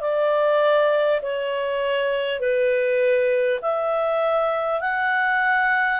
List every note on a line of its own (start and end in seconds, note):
0.00 1.20 D5
1.22 2.39 C#5
2.39 3.59 B4
3.62 4.81 E5
4.81 6.00 F#5